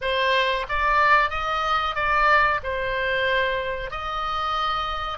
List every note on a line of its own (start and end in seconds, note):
0.01 0.66 C5
0.68 1.30 D5
1.30 1.95 D#5
1.95 2.60 D5
2.63 3.90 C5
3.90 5.18 D#5